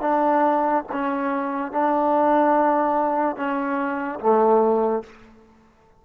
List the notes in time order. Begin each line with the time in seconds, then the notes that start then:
0.00 D4
0.92 C#4
1.71 D4
3.36 C#4
4.20 A3